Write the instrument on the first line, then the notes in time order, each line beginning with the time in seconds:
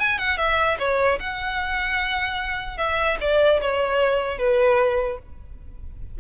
violin
0.00 G#5
0.18 F#5
0.37 E5
0.79 C#5
1.20 F#5
2.77 E5
3.21 D5
3.61 C#5
4.38 B4